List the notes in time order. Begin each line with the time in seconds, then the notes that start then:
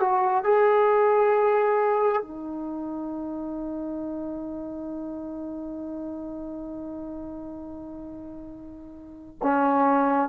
0.00 F#4
0.44 G#4
2.22 D#4
9.42 C#4